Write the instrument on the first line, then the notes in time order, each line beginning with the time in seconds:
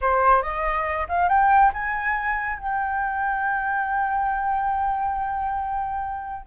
flute
0.01 C5
0.42 D#5
1.08 F5
1.28 G5
1.73 G#5
2.58 G5